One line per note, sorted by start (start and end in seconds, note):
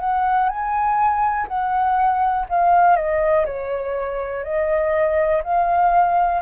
0.00 0.49 F#5
0.49 1.48 G#5
1.48 2.47 F#5
2.49 2.96 F5
2.96 3.46 D#5
3.46 4.44 C#5
4.44 5.42 D#5
5.44 6.42 F5